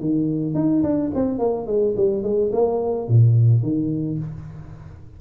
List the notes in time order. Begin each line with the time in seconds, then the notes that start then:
0.00 D#3
0.54 D#4
0.83 D4
1.14 C4
1.38 A#3
1.66 G#3
1.96 G3
2.23 G#3
2.52 A#3
3.08 A#2
3.62 D#3